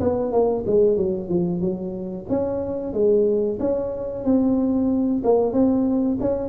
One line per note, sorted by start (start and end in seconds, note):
0.00 0.32 B3
0.32 0.64 A#3
0.66 0.97 G#3
0.97 1.29 F#3
1.29 1.61 F3
1.61 2.26 F#3
2.29 2.93 C#4
2.93 3.58 G#3
3.60 4.24 C#4
4.24 5.22 C4
5.24 5.53 A#3
5.53 6.18 C4
6.20 6.49 C#4